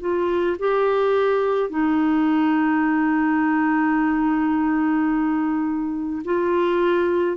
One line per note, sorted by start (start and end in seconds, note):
0.00 0.57 F4
0.59 1.70 G4
1.70 6.23 D#4
6.25 7.37 F4